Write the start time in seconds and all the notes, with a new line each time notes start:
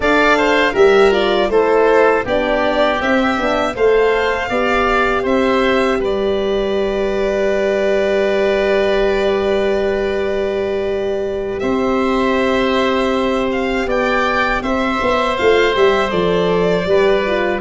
0.00 D4 A4 D5 F5
0.37 C5
0.73 G3 G4 A#4 E5
1.11 F4 D5
1.49 A3 E4 A4 C5
2.25 B3 D4 G4 D5
3.01 C4 E5
3.36 B3 D4
3.75 A3 A4 C5 F5
4.49 B3 G4 D5
5.23 C4 C5 E5
5.99 G3 B4 D5
11.59 C4 C5 E5
13.51 F5
13.86 B3 D5 G5
14.61 C4 C5 E5
15.01 B3
15.36 A3 F4 F5
15.74 G3 G4 E5
16.10 F3 A4 D5
16.85 G3 G4 B4
17.26 F4